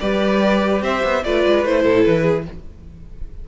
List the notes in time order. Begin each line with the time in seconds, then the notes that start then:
0.00 G3 G4 B4 D5
0.82 C4 C5 E5
1.04 B3
1.24 A3 F4 B4 D5
1.47 G#3
1.64 A3 E4 C5
1.83 A2 A4
2.03 E3 B4
2.22 G#4